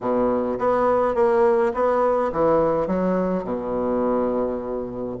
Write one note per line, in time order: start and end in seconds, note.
0.00 0.58 B2
0.58 1.15 B3
1.15 1.72 A#3
1.74 2.31 B3
2.32 2.87 E3
2.87 3.44 F#3
3.44 5.17 B2